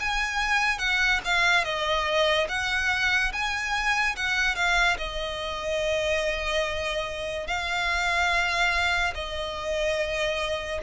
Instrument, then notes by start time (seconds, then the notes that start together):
violin
0.00 G#5
0.79 F#5
1.25 F5
1.64 D#5
2.49 F#5
3.33 G#5
4.16 F#5
4.56 F5
4.98 D#5
7.47 F5
9.15 D#5